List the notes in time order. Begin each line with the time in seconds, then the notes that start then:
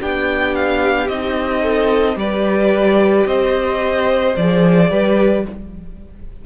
0.00 B3 D4 G4 G5
0.55 F5
1.08 C4 D#4 D#5
1.62 A4
2.16 G3 G4 B4 D5
3.26 C4 C5 D#5
4.36 F3 G#4 D5
4.91 G3 G4 B4